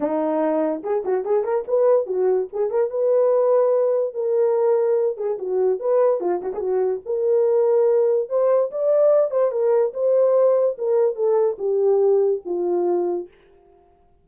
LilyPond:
\new Staff \with { instrumentName = "horn" } { \time 4/4 \tempo 4 = 145 dis'2 gis'8 fis'8 gis'8 ais'8 | b'4 fis'4 gis'8 ais'8 b'4~ | b'2 ais'2~ | ais'8 gis'8 fis'4 b'4 f'8 fis'16 gis'16 |
fis'4 ais'2. | c''4 d''4. c''8 ais'4 | c''2 ais'4 a'4 | g'2 f'2 | }